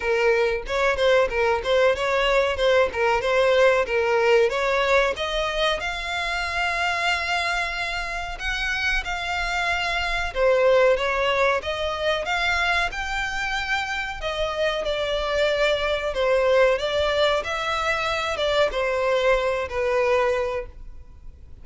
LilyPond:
\new Staff \with { instrumentName = "violin" } { \time 4/4 \tempo 4 = 93 ais'4 cis''8 c''8 ais'8 c''8 cis''4 | c''8 ais'8 c''4 ais'4 cis''4 | dis''4 f''2.~ | f''4 fis''4 f''2 |
c''4 cis''4 dis''4 f''4 | g''2 dis''4 d''4~ | d''4 c''4 d''4 e''4~ | e''8 d''8 c''4. b'4. | }